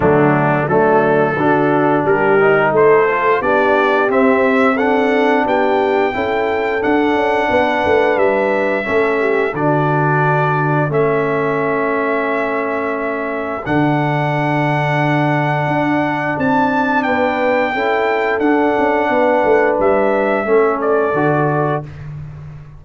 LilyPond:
<<
  \new Staff \with { instrumentName = "trumpet" } { \time 4/4 \tempo 4 = 88 d'4 a'2 ais'4 | c''4 d''4 e''4 fis''4 | g''2 fis''2 | e''2 d''2 |
e''1 | fis''1 | a''4 g''2 fis''4~ | fis''4 e''4. d''4. | }
  \new Staff \with { instrumentName = "horn" } { \time 4/4 a4 d'4 fis'4 g'4 | a'4 g'2 a'4 | g'4 a'2 b'4~ | b'4 a'8 g'8 fis'2 |
a'1~ | a'1~ | a'4 b'4 a'2 | b'2 a'2 | }
  \new Staff \with { instrumentName = "trombone" } { \time 4/4 fis4 a4 d'4. dis'8~ | dis'8 f'8 d'4 c'4 d'4~ | d'4 e'4 d'2~ | d'4 cis'4 d'2 |
cis'1 | d'1~ | d'2 e'4 d'4~ | d'2 cis'4 fis'4 | }
  \new Staff \with { instrumentName = "tuba" } { \time 4/4 d4 fis4 d4 g4 | a4 b4 c'2 | b4 cis'4 d'8 cis'8 b8 a8 | g4 a4 d2 |
a1 | d2. d'4 | c'4 b4 cis'4 d'8 cis'8 | b8 a8 g4 a4 d4 | }
>>